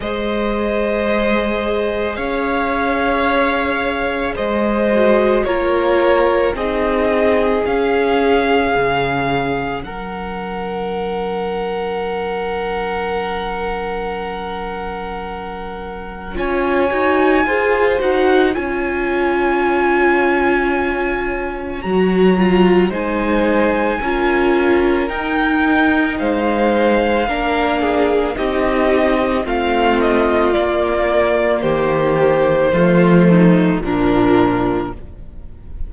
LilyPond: <<
  \new Staff \with { instrumentName = "violin" } { \time 4/4 \tempo 4 = 55 dis''2 f''2 | dis''4 cis''4 dis''4 f''4~ | f''4 fis''2.~ | fis''2. gis''4~ |
gis''8 fis''8 gis''2. | ais''4 gis''2 g''4 | f''2 dis''4 f''8 dis''8 | d''4 c''2 ais'4 | }
  \new Staff \with { instrumentName = "violin" } { \time 4/4 c''2 cis''2 | c''4 ais'4 gis'2~ | gis'4 ais'2.~ | ais'2. cis''4 |
c''4 cis''2.~ | cis''4 c''4 ais'2 | c''4 ais'8 gis'8 g'4 f'4~ | f'4 g'4 f'8 dis'8 d'4 | }
  \new Staff \with { instrumentName = "viola" } { \time 4/4 gis'1~ | gis'8 fis'8 f'4 dis'4 cis'4~ | cis'1~ | cis'2. f'8 fis'8 |
gis'8 fis'8 f'2. | fis'8 f'8 dis'4 f'4 dis'4~ | dis'4 d'4 dis'4 c'4 | ais2 a4 f4 | }
  \new Staff \with { instrumentName = "cello" } { \time 4/4 gis2 cis'2 | gis4 ais4 c'4 cis'4 | cis4 fis2.~ | fis2. cis'8 dis'8 |
f'8 dis'8 cis'2. | fis4 gis4 cis'4 dis'4 | gis4 ais4 c'4 a4 | ais4 dis4 f4 ais,4 | }
>>